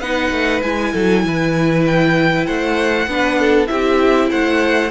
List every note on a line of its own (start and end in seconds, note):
0.00 0.31 B3
0.00 0.63 D#4
0.00 0.92 B4
0.00 0.61 F#5
0.31 0.62 A3
0.62 0.94 G#3
0.62 3.08 E4
0.62 1.84 G#5
0.92 1.24 F#3
0.92 1.23 A4
1.24 2.47 E3
1.24 2.46 B4
1.86 2.46 G5
2.46 3.06 A3
2.46 3.08 C5
2.46 3.67 F#5
3.06 3.68 B3
3.06 3.67 D4
3.06 3.39 B4
3.39 3.70 A4
3.67 4.31 C4
3.67 4.90 E4
3.67 4.30 G4
3.67 4.28 E5
4.30 4.91 A3
4.30 4.91 C5
4.30 4.91 F#5